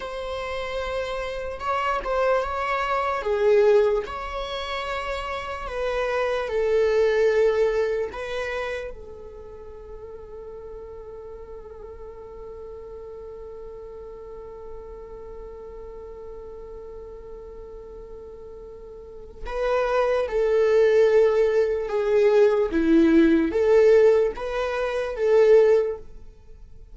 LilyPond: \new Staff \with { instrumentName = "viola" } { \time 4/4 \tempo 4 = 74 c''2 cis''8 c''8 cis''4 | gis'4 cis''2 b'4 | a'2 b'4 a'4~ | a'1~ |
a'1~ | a'1 | b'4 a'2 gis'4 | e'4 a'4 b'4 a'4 | }